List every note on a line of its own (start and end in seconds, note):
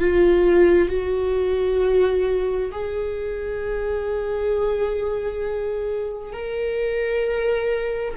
0.00 0.89 F4
0.89 2.71 F#4
2.71 6.33 G#4
6.33 8.14 A#4